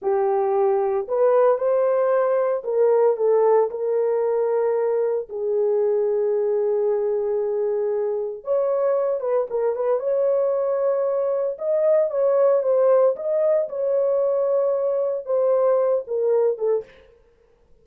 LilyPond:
\new Staff \with { instrumentName = "horn" } { \time 4/4 \tempo 4 = 114 g'2 b'4 c''4~ | c''4 ais'4 a'4 ais'4~ | ais'2 gis'2~ | gis'1 |
cis''4. b'8 ais'8 b'8 cis''4~ | cis''2 dis''4 cis''4 | c''4 dis''4 cis''2~ | cis''4 c''4. ais'4 a'8 | }